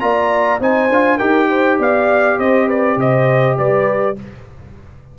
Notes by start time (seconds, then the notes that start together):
0.00 A#3 F4 D5 A#5
0.60 C4 D#4 C5 G#5
0.90 D4 F4
1.18 D#4 G4 A#4 G5
1.48 C5
1.79 B3 D5 F5
2.38 C4 C5 D#5
2.67 B4 D5
2.97 C3 C5 D#5
3.58 G3 B4 D5